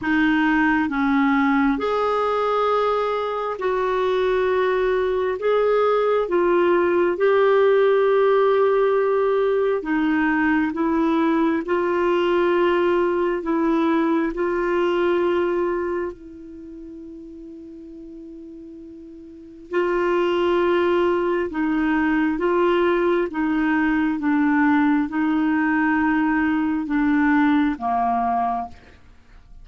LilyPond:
\new Staff \with { instrumentName = "clarinet" } { \time 4/4 \tempo 4 = 67 dis'4 cis'4 gis'2 | fis'2 gis'4 f'4 | g'2. dis'4 | e'4 f'2 e'4 |
f'2 e'2~ | e'2 f'2 | dis'4 f'4 dis'4 d'4 | dis'2 d'4 ais4 | }